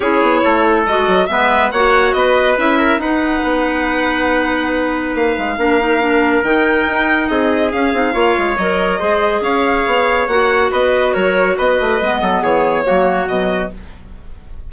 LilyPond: <<
  \new Staff \with { instrumentName = "violin" } { \time 4/4 \tempo 4 = 140 cis''2 dis''4 e''4 | fis''4 dis''4 e''4 fis''4~ | fis''1 | f''2. g''4~ |
g''4 dis''4 f''2 | dis''2 f''2 | fis''4 dis''4 cis''4 dis''4~ | dis''4 cis''2 dis''4 | }
  \new Staff \with { instrumentName = "trumpet" } { \time 4/4 gis'4 a'2 b'4 | cis''4 b'4. ais'8 b'4~ | b'1~ | b'4 ais'2.~ |
ais'4 gis'2 cis''4~ | cis''4 c''4 cis''2~ | cis''4 b'4 ais'4 b'4~ | b'8 a'8 gis'4 fis'2 | }
  \new Staff \with { instrumentName = "clarinet" } { \time 4/4 e'2 fis'4 b4 | fis'2 e'4 dis'4~ | dis'1~ | dis'4 d'8 dis'8 d'4 dis'4~ |
dis'2 cis'8 dis'8 f'4 | ais'4 gis'2. | fis'1 | b2 ais4 fis4 | }
  \new Staff \with { instrumentName = "bassoon" } { \time 4/4 cis'8 b8 a4 gis8 fis8 gis4 | ais4 b4 cis'4 dis'4 | b1 | ais8 gis8 ais2 dis4 |
dis'4 c'4 cis'8 c'8 ais8 gis8 | fis4 gis4 cis'4 b4 | ais4 b4 fis4 b8 a8 | gis8 fis8 e4 fis4 b,4 | }
>>